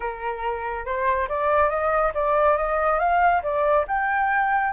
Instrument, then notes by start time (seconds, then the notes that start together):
flute
0.00 A#4
0.85 C5
1.28 D5
1.69 D#5
2.14 D5
2.57 D#5
2.99 F5
3.42 D5
3.87 G5